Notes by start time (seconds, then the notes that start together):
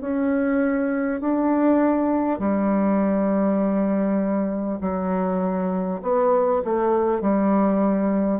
0.00 C#4
1.20 D4
2.39 G3
4.81 F#3
6.02 B3
6.64 A3
7.21 G3